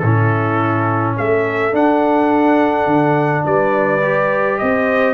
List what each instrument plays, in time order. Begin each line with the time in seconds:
0.00 tuba A2, trombone C#4, horn E4, trumpet A4
1.18 tuba A3, horn A4, trumpet E5
1.73 trombone D4, tuba D4, trumpet F#5
2.87 tuba D3
3.46 tuba G3, horn B4, trumpet D5
4.02 trombone G4
4.59 tuba C4, horn C5, trumpet D#5